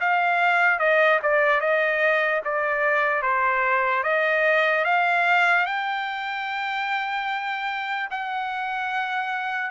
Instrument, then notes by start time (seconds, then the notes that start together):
trumpet
0.00 F5
0.79 D#5
1.22 D5
1.60 D#5
2.44 D5
3.22 C5
4.03 D#5
4.84 F5
5.65 G5
8.10 F#5